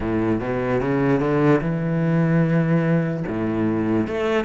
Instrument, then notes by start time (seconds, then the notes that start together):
cello
0.00 A2
0.40 B2
0.80 C#3
1.19 D3
1.61 E3
3.27 A2
4.07 A3